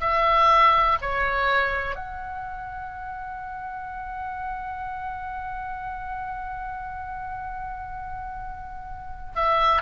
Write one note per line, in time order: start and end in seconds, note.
0.00 0.98 E5
1.01 1.96 C#5
1.96 9.34 F#5
9.35 9.82 E5